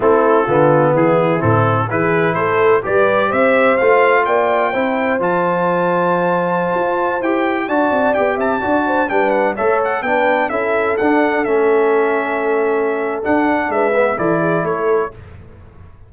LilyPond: <<
  \new Staff \with { instrumentName = "trumpet" } { \time 4/4 \tempo 4 = 127 a'2 gis'4 a'4 | b'4 c''4 d''4 e''4 | f''4 g''2 a''4~ | a''2.~ a''16 g''8.~ |
g''16 a''4 g''8 a''4. g''8 fis''16~ | fis''16 e''8 fis''8 g''4 e''4 fis''8.~ | fis''16 e''2.~ e''8. | fis''4 e''4 d''4 cis''4 | }
  \new Staff \with { instrumentName = "horn" } { \time 4/4 e'4 f'4 e'2 | gis'4 a'4 b'4 c''4~ | c''4 d''4 c''2~ | c''1~ |
c''16 d''4. e''8 d''8 c''8 b'8.~ | b'16 cis''4 b'4 a'4.~ a'16~ | a'1~ | a'4 b'4 a'8 gis'8 a'4 | }
  \new Staff \with { instrumentName = "trombone" } { \time 4/4 c'4 b2 c'4 | e'2 g'2 | f'2 e'4 f'4~ | f'2.~ f'16 g'8.~ |
g'16 fis'4 g'4 fis'4 d'8.~ | d'16 a'4 d'4 e'4 d'8.~ | d'16 cis'2.~ cis'8. | d'4. b8 e'2 | }
  \new Staff \with { instrumentName = "tuba" } { \time 4/4 a4 d4 e4 a,4 | e4 a4 g4 c'4 | a4 ais4 c'4 f4~ | f2~ f16 f'4 e'8.~ |
e'16 d'8 c'8 b8 c'8 d'4 g8.~ | g16 a4 b4 cis'4 d'8.~ | d'16 a2.~ a8. | d'4 gis4 e4 a4 | }
>>